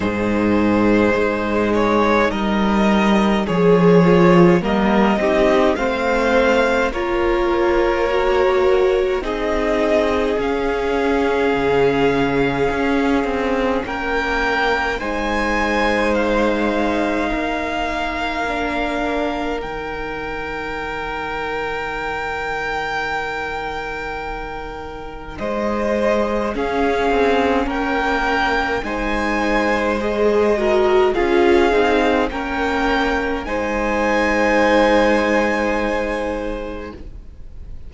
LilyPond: <<
  \new Staff \with { instrumentName = "violin" } { \time 4/4 \tempo 4 = 52 c''4. cis''8 dis''4 cis''4 | dis''4 f''4 cis''2 | dis''4 f''2. | g''4 gis''4 f''2~ |
f''4 g''2.~ | g''2 dis''4 f''4 | g''4 gis''4 dis''4 f''4 | g''4 gis''2. | }
  \new Staff \with { instrumentName = "violin" } { \time 4/4 gis'2 ais'4 gis'4 | ais'8 g'8 c''4 ais'2 | gis'1 | ais'4 c''2 ais'4~ |
ais'1~ | ais'2 c''4 gis'4 | ais'4 c''4. ais'8 gis'4 | ais'4 c''2. | }
  \new Staff \with { instrumentName = "viola" } { \time 4/4 dis'2. gis'8 f'8 | ais8 dis'8 c'4 f'4 fis'4 | dis'4 cis'2.~ | cis'4 dis'2. |
d'4 dis'2.~ | dis'2. cis'4~ | cis'4 dis'4 gis'8 fis'8 f'8 dis'8 | cis'4 dis'2. | }
  \new Staff \with { instrumentName = "cello" } { \time 4/4 gis,4 gis4 g4 f4 | g8 c'8 a4 ais2 | c'4 cis'4 cis4 cis'8 c'8 | ais4 gis2 ais4~ |
ais4 dis2.~ | dis2 gis4 cis'8 c'8 | ais4 gis2 cis'8 c'8 | ais4 gis2. | }
>>